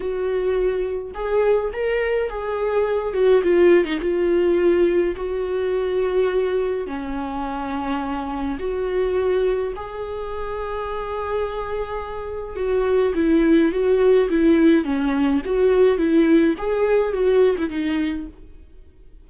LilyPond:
\new Staff \with { instrumentName = "viola" } { \time 4/4 \tempo 4 = 105 fis'2 gis'4 ais'4 | gis'4. fis'8 f'8. dis'16 f'4~ | f'4 fis'2. | cis'2. fis'4~ |
fis'4 gis'2.~ | gis'2 fis'4 e'4 | fis'4 e'4 cis'4 fis'4 | e'4 gis'4 fis'8. e'16 dis'4 | }